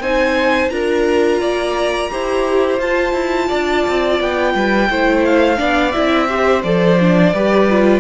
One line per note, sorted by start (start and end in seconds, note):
0.00 0.70 C4
0.00 0.70 D#4
0.00 0.72 C5
0.00 0.70 G#5
0.70 1.41 D4
0.70 2.10 F4
0.70 1.41 A#4
0.70 2.79 A#5
1.41 2.10 A#3
1.41 2.10 D5
2.11 2.78 E4
2.11 2.80 G4
2.11 3.48 C5
2.78 3.12 F4
2.78 4.89 F4
2.78 4.20 A5
3.12 3.47 E4
3.48 3.87 D4
3.48 4.53 D5
3.87 4.20 C4
4.20 4.55 B3
4.20 5.25 G5
4.55 4.89 G3
4.55 4.89 B4
4.90 5.59 A3
4.90 5.57 E4
4.90 5.58 C5
5.25 5.92 F5
5.57 5.95 B3
5.57 5.92 D4
5.57 6.28 D5
5.92 6.64 C4
5.92 6.28 E4
5.92 6.62 E5
6.28 6.63 G4
6.28 7.33 C5
6.63 7.33 F3
6.63 6.99 A4
6.63 8.00 D5
7.00 7.34 D4
7.33 8.00 G3
7.33 7.69 G4
7.33 8.00 B4
7.69 8.00 F4